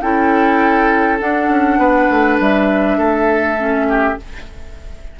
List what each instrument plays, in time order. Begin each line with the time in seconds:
0.00 bassoon C#4, clarinet E4, oboe A4, flute G5
1.18 clarinet D4, bassoon D4, flute F#5
1.48 bassoon C#4
1.77 bassoon B3, oboe B4
2.09 bassoon A3
2.39 bassoon G3, flute E5
2.97 bassoon A3, oboe A4
3.57 clarinet C#4
3.88 oboe G4